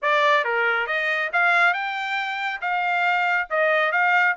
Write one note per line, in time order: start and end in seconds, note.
0.02 0.44 D5
0.44 0.86 A#4
0.86 1.30 D#5
1.32 1.73 F5
1.73 2.60 G5
2.61 3.48 F5
3.49 3.92 D#5
3.92 4.35 F5